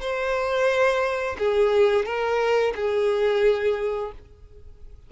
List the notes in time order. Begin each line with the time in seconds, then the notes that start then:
0.00 C5
1.38 G#4
2.05 A#4
2.75 G#4